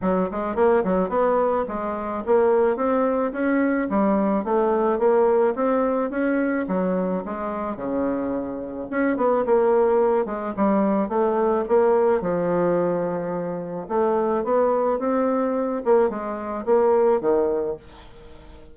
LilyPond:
\new Staff \with { instrumentName = "bassoon" } { \time 4/4 \tempo 4 = 108 fis8 gis8 ais8 fis8 b4 gis4 | ais4 c'4 cis'4 g4 | a4 ais4 c'4 cis'4 | fis4 gis4 cis2 |
cis'8 b8 ais4. gis8 g4 | a4 ais4 f2~ | f4 a4 b4 c'4~ | c'8 ais8 gis4 ais4 dis4 | }